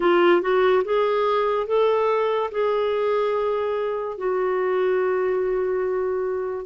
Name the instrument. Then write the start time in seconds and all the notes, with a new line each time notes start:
clarinet
0.00 F4
0.41 F#4
0.84 G#4
1.67 A4
2.51 G#4
4.17 F#4